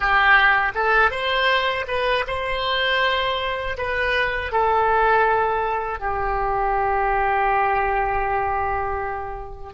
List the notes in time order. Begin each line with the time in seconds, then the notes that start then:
0.00 G4
0.74 A4
1.10 C5
1.87 B4
2.27 C5
3.77 B4
4.52 A4
5.99 G4